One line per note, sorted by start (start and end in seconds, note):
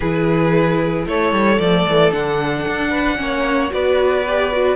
0.00 1.06 E3
0.00 1.59 E4
0.00 1.06 G#4
0.00 1.05 B4
1.06 1.32 A3
1.06 2.89 A4
1.06 1.59 C#5
1.32 1.59 G3
1.59 1.86 F3
1.59 2.11 A3
1.59 2.12 D5
1.87 2.12 E3
2.11 2.65 D3
2.11 3.16 D4
2.11 3.72 F#5
2.67 3.19 D4
2.89 3.16 B4
3.16 3.72 A#3
3.16 3.69 C#4
3.16 3.74 C#5
3.70 4.75 B3
3.70 4.23 F#4
3.70 4.75 B4
3.70 4.75 D5
4.27 4.52 G4
4.52 4.75 F#4